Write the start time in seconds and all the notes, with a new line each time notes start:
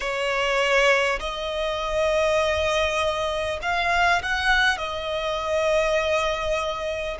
0.00 C#5
1.19 D#5
3.62 F5
4.22 F#5
4.77 D#5